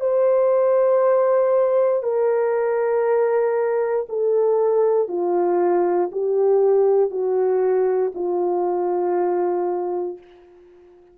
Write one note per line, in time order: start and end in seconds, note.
0.00 2.03 C5
2.03 4.06 A#4
4.09 5.08 A4
5.08 6.10 F4
6.12 7.10 G4
7.10 8.12 F#4
8.14 10.17 F4